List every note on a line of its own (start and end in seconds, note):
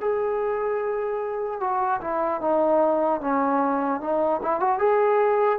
0.00 1.60 G#4
1.60 2.00 F#4
2.00 2.40 E4
2.40 3.20 D#4
3.20 4.00 C#4
4.00 4.40 D#4
4.42 4.60 E4
4.60 4.78 F#4
4.78 5.58 G#4